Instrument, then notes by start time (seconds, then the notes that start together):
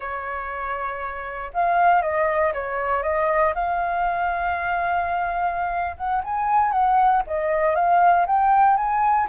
flute
0.00 C#5
1.53 F5
2.02 D#5
2.53 C#5
3.02 D#5
3.55 F5
5.96 F#5
6.24 G#5
6.71 F#5
7.27 D#5
7.75 F5
8.26 G5
8.76 G#5